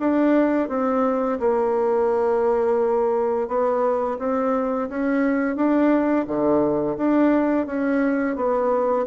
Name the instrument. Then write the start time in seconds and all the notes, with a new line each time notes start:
bassoon
0.00 D4
0.69 C4
1.40 A#3
3.49 B3
4.20 C4
4.90 C#4
5.57 D4
6.28 D3
6.98 D4
7.67 C#4
8.37 B3